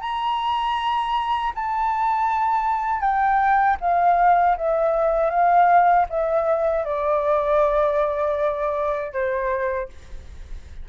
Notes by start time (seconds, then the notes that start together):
0.00 A#5
1.55 A5
3.00 G5
3.80 F5
4.57 E5
5.30 F5
6.09 E5
6.84 D5
9.12 C5